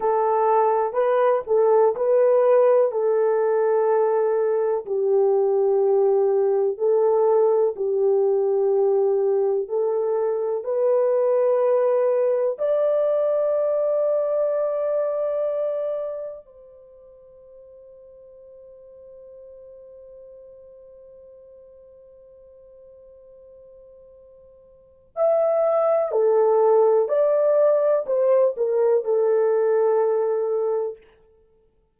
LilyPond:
\new Staff \with { instrumentName = "horn" } { \time 4/4 \tempo 4 = 62 a'4 b'8 a'8 b'4 a'4~ | a'4 g'2 a'4 | g'2 a'4 b'4~ | b'4 d''2.~ |
d''4 c''2.~ | c''1~ | c''2 e''4 a'4 | d''4 c''8 ais'8 a'2 | }